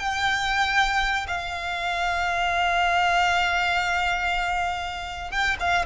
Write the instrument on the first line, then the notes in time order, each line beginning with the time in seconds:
violin
0.00 G5
1.28 F5
5.32 G5
5.60 F5